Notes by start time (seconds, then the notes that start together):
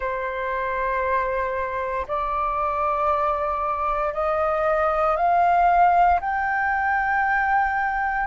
0.00 C5
2.07 D5
4.13 D#5
5.16 F5
6.20 G5